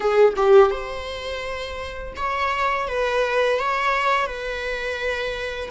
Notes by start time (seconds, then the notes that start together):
0.00 G#4
0.36 G4
0.70 C5
2.16 C#5
2.87 B4
3.59 C#5
4.26 B4